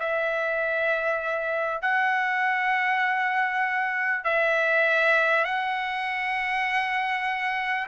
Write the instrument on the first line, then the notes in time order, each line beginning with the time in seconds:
trumpet
0.00 E5
1.82 F#5
4.24 E5
5.45 F#5